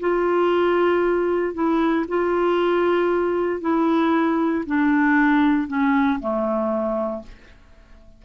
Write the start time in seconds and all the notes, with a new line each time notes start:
0.00 F4
1.54 E4
2.08 F4
3.61 E4
4.66 D4
5.68 C#4
6.20 A3